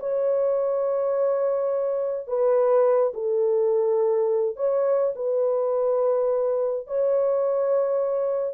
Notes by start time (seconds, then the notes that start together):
0.00 C#5
2.28 B4
3.14 A4
4.56 C#5
5.16 B4
6.87 C#5